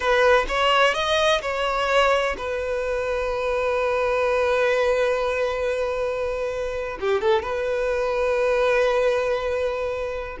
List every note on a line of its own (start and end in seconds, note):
0.00 0.45 B4
0.48 0.94 C#5
0.94 1.41 D#5
1.41 2.36 C#5
2.37 6.98 B4
7.00 7.21 G4
7.21 7.42 A4
7.42 10.37 B4